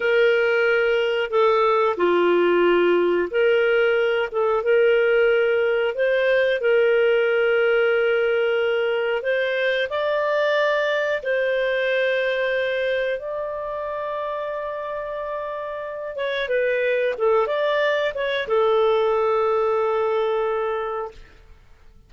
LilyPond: \new Staff \with { instrumentName = "clarinet" } { \time 4/4 \tempo 4 = 91 ais'2 a'4 f'4~ | f'4 ais'4. a'8 ais'4~ | ais'4 c''4 ais'2~ | ais'2 c''4 d''4~ |
d''4 c''2. | d''1~ | d''8 cis''8 b'4 a'8 d''4 cis''8 | a'1 | }